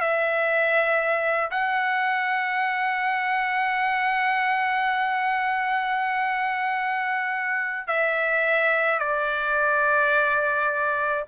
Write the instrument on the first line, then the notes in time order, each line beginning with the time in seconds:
trumpet
0.00 E5
1.50 F#5
7.87 E5
8.99 D5